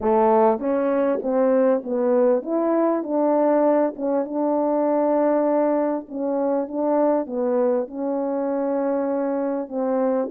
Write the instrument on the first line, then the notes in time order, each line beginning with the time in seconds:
horn
0.01 A3
0.59 C#4
1.21 C4
1.83 B3
2.42 E4
3.03 D4
3.96 C#4
4.25 D4
6.08 C#4
6.67 D4
7.26 B3
7.87 C#4
9.68 C4